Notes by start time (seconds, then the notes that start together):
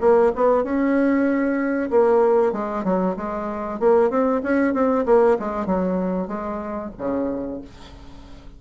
0.00 A#3
0.35 B3
0.63 C#4
1.90 A#3
2.52 G#3
2.83 F#3
3.16 G#3
3.79 A#3
4.09 C4
4.43 C#4
4.73 C4
5.05 A#3
5.39 G#3
5.66 F#3
6.27 G#3
6.97 C#3